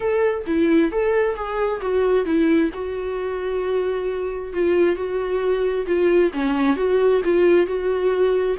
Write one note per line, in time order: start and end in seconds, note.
0.00 0.44 A4
0.46 0.91 E4
0.91 1.35 A4
1.35 1.80 G#4
1.80 2.25 F#4
2.25 2.70 E4
2.73 4.53 F#4
4.53 4.95 F4
4.95 5.86 F#4
5.86 6.31 F4
6.33 6.76 C#4
6.76 7.21 F#4
7.24 7.66 F4
7.66 8.56 F#4